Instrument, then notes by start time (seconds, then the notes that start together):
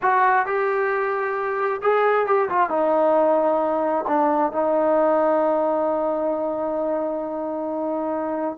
trombone
0.01 F#4
0.46 G4
1.82 G#4
2.26 G4
2.49 F4
2.69 D#4
4.07 D4
4.52 D#4